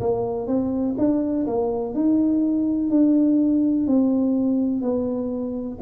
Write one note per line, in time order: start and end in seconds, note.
0.00 0.47 A#3
0.47 0.95 C4
0.98 1.46 D4
1.46 1.94 A#3
1.94 2.90 D#4
2.90 3.87 D4
3.87 4.81 C4
4.81 5.78 B3